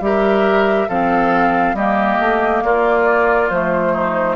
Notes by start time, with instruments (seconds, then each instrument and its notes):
0.00 bassoon G3, clarinet G4, oboe A#4, flute E5
0.88 bassoon F3, clarinet C4, oboe A4, flute F5
1.73 bassoon G3, clarinet A#3, oboe G4, flute D#5
2.19 bassoon A3
2.63 bassoon A#3, oboe F4, flute D5
3.49 bassoon F3, clarinet A3, flute C5
3.93 oboe D#4